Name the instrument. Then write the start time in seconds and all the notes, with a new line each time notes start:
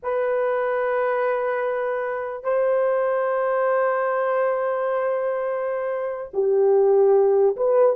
horn
0.03 B4
2.43 C5
6.33 G4
7.56 B4